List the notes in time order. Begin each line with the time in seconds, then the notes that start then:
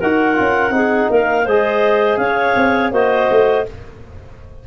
0.00 D#4 F#4 A#4 F#5
0.34 C#4 F4
0.70 C4 D#4 G#4
1.10 A#3 A#4 F5
1.45 G#3 G#4 C5 D#5
2.17 C#4 C#5 F5
2.56 C4
2.92 A#3 F#4 C5 D#5
3.30 A3